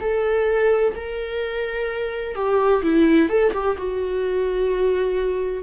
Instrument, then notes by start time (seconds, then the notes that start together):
viola
0.00 A4
0.95 A#4
2.35 G4
2.83 E4
3.29 A4
3.53 G4
3.77 F#4